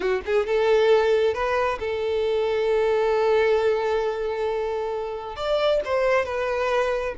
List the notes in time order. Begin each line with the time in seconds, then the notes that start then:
0.00 F#4
0.25 G#4
0.46 A4
1.34 B4
1.79 A4
5.36 D5
5.85 C5
6.25 B4